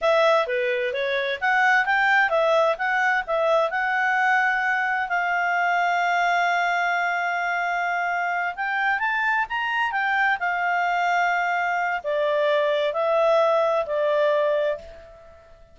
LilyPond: \new Staff \with { instrumentName = "clarinet" } { \time 4/4 \tempo 4 = 130 e''4 b'4 cis''4 fis''4 | g''4 e''4 fis''4 e''4 | fis''2. f''4~ | f''1~ |
f''2~ f''8 g''4 a''8~ | a''8 ais''4 g''4 f''4.~ | f''2 d''2 | e''2 d''2 | }